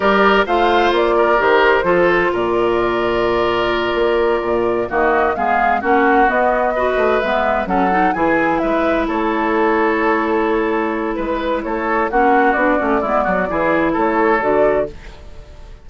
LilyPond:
<<
  \new Staff \with { instrumentName = "flute" } { \time 4/4 \tempo 4 = 129 d''4 f''4 d''4 c''4~ | c''4 d''2.~ | d''2~ d''8 dis''4 f''8~ | f''8 fis''4 dis''2 e''8~ |
e''8 fis''4 gis''4 e''4 cis''8~ | cis''1 | b'4 cis''4 fis''4 d''4~ | d''2 cis''4 d''4 | }
  \new Staff \with { instrumentName = "oboe" } { \time 4/4 ais'4 c''4. ais'4. | a'4 ais'2.~ | ais'2~ ais'8 fis'4 gis'8~ | gis'8 fis'2 b'4.~ |
b'8 a'4 gis'4 b'4 a'8~ | a'1 | b'4 a'4 fis'2 | e'8 fis'8 gis'4 a'2 | }
  \new Staff \with { instrumentName = "clarinet" } { \time 4/4 g'4 f'2 g'4 | f'1~ | f'2~ f'8 ais4 b8~ | b8 cis'4 b4 fis'4 b8~ |
b8 cis'8 dis'8 e'2~ e'8~ | e'1~ | e'2 cis'4 d'8 cis'8 | b4 e'2 fis'4 | }
  \new Staff \with { instrumentName = "bassoon" } { \time 4/4 g4 a4 ais4 dis4 | f4 ais,2.~ | ais,8 ais4 ais,4 dis4 gis8~ | gis8 ais4 b4. a8 gis8~ |
gis8 fis4 e4 gis4 a8~ | a1 | gis4 a4 ais4 b8 a8 | gis8 fis8 e4 a4 d4 | }
>>